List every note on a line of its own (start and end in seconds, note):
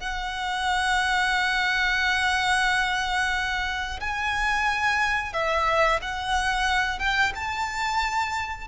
0.00 4.00 F#5
4.01 5.33 G#5
5.33 6.00 E5
6.02 6.99 F#5
6.99 7.33 G5
7.35 8.68 A5